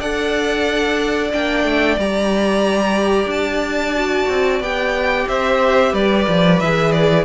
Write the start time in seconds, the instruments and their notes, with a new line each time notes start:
0.00 cello D4, viola A4, violin D5 F#5
1.32 cello A#3, viola D4, violin G5
1.64 cello A3
1.98 cello G3, viola G4, violin A#5
3.26 cello D4, violin A5
3.96 viola F#4
4.29 cello C4
4.60 cello B3, viola G4, violin G5
5.28 cello C4, violin C5 E5
5.93 cello G3, violin B4 D5
6.28 cello F3
6.60 cello E3, viola G#4, violin E5
6.92 violin D5